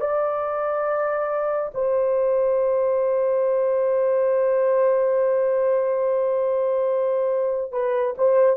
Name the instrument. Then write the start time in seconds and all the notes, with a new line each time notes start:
horn
0.00 D5
1.74 C5
7.71 B4
8.17 C5